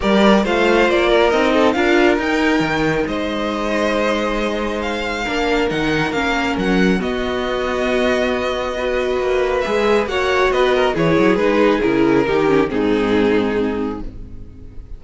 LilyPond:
<<
  \new Staff \with { instrumentName = "violin" } { \time 4/4 \tempo 4 = 137 d''4 f''4 d''4 dis''4 | f''4 g''2 dis''4~ | dis''2. f''4~ | f''4 fis''4 f''4 fis''4 |
dis''1~ | dis''2 e''4 fis''4 | dis''4 cis''4 b'4 ais'4~ | ais'4 gis'2. | }
  \new Staff \with { instrumentName = "violin" } { \time 4/4 ais'4 c''4. ais'4 a'8 | ais'2. c''4~ | c''1 | ais'1 |
fis'1 | b'2. cis''4 | b'8 ais'8 gis'2. | g'4 dis'2. | }
  \new Staff \with { instrumentName = "viola" } { \time 4/4 g'4 f'2 dis'4 | f'4 dis'2.~ | dis'1 | d'4 dis'4 cis'2 |
b1 | fis'2 gis'4 fis'4~ | fis'4 e'4 dis'4 e'4 | dis'8 cis'8 c'2. | }
  \new Staff \with { instrumentName = "cello" } { \time 4/4 g4 a4 ais4 c'4 | d'4 dis'4 dis4 gis4~ | gis1 | ais4 dis4 ais4 fis4 |
b1~ | b4 ais4 gis4 ais4 | b4 e8 fis8 gis4 cis4 | dis4 gis,2. | }
>>